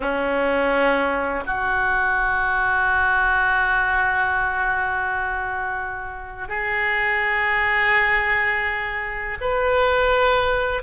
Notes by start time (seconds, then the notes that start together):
0.00 C#4
1.46 F#4
6.48 G#4
9.40 B4